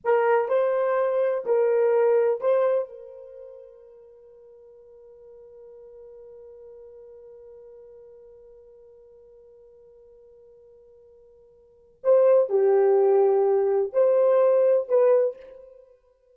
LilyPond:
\new Staff \with { instrumentName = "horn" } { \time 4/4 \tempo 4 = 125 ais'4 c''2 ais'4~ | ais'4 c''4 ais'2~ | ais'1~ | ais'1~ |
ais'1~ | ais'1~ | ais'4 c''4 g'2~ | g'4 c''2 b'4 | }